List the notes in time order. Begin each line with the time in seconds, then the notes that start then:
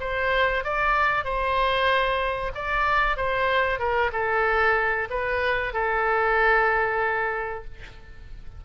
0.00 C5
0.64 D5
1.24 C5
2.55 D5
3.17 C5
3.79 A#4
4.12 A4
5.10 B4
5.73 A4